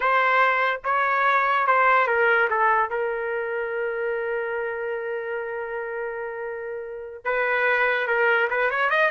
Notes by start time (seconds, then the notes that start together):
0.00 C5
0.84 C#5
1.66 C5
2.07 A#4
2.50 A4
2.90 A#4
7.24 B4
8.07 A#4
8.50 B4
8.70 C#5
8.90 D#5